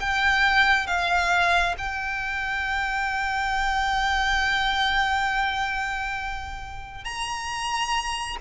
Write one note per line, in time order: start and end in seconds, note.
0.00 0.87 G5
0.87 1.75 F5
1.78 7.05 G5
7.05 8.37 A#5